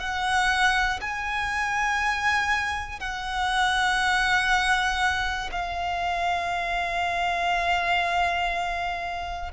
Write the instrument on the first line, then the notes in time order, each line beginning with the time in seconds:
violin
0.00 F#5
1.01 G#5
3.00 F#5
5.52 F5